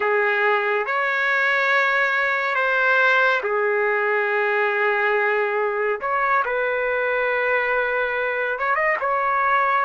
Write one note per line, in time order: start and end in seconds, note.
0.00 0.86 G#4
0.86 2.55 C#5
2.55 3.41 C5
3.43 6.00 G#4
6.00 6.43 C#5
6.45 8.58 B4
8.58 8.75 C#5
8.75 8.96 D#5
9.00 9.85 C#5